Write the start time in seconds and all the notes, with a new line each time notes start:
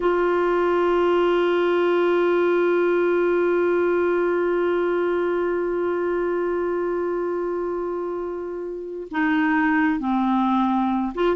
0.00 F4
9.11 D#4
9.99 C4
11.14 F4